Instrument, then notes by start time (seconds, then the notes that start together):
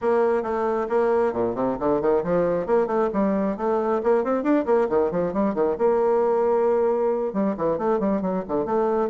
bassoon
0.01 A#3
0.42 A3
0.89 A#3
1.33 A#2
1.55 C3
1.79 D3
2.01 D#3
2.23 F3
2.66 A#3
2.86 A3
3.13 G3
3.57 A3
4.03 A#3
4.23 C4
4.43 D4
4.65 A#3
4.89 D#3
5.11 F3
5.33 G3
5.54 D#3
5.78 A#3
7.33 G3
7.57 E3
7.78 A3
7.99 G3
8.21 F#3
8.48 D3
8.65 A3